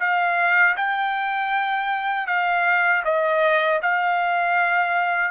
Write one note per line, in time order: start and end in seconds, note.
0.00 0.76 F5
0.77 2.27 G5
2.27 3.03 F5
3.05 3.81 D#5
3.82 5.31 F5